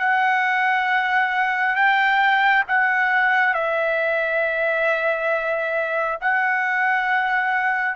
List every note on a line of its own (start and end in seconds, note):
0.00 1.76 F#5
1.76 2.64 G5
2.68 3.54 F#5
3.54 6.19 E5
6.21 7.96 F#5